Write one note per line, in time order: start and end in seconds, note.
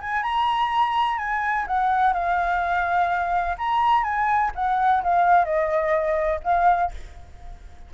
0.00 0.23 G#5
0.23 1.18 A#5
1.18 1.65 G#5
1.67 2.13 F#5
2.13 3.56 F5
3.58 4.03 A#5
4.03 4.51 G#5
4.55 5.02 F#5
5.03 5.44 F5
5.44 6.40 D#5
6.44 6.91 F5